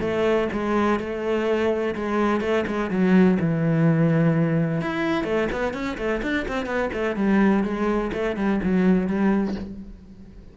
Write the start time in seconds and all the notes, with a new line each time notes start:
0.00 A3
0.52 G#3
0.99 A3
1.95 G#3
2.40 A3
2.66 G#3
2.90 F#3
3.39 E3
4.81 E4
5.24 A3
5.52 B3
5.73 C#4
5.97 A3
6.22 D4
6.48 C4
6.65 B3
6.93 A3
7.16 G3
7.63 G#3
8.13 A3
8.36 G3
8.63 F#3
9.07 G3